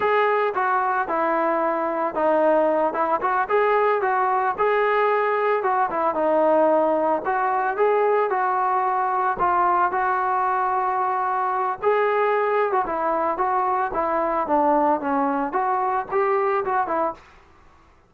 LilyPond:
\new Staff \with { instrumentName = "trombone" } { \time 4/4 \tempo 4 = 112 gis'4 fis'4 e'2 | dis'4. e'8 fis'8 gis'4 fis'8~ | fis'8 gis'2 fis'8 e'8 dis'8~ | dis'4. fis'4 gis'4 fis'8~ |
fis'4. f'4 fis'4.~ | fis'2 gis'4.~ gis'16 fis'16 | e'4 fis'4 e'4 d'4 | cis'4 fis'4 g'4 fis'8 e'8 | }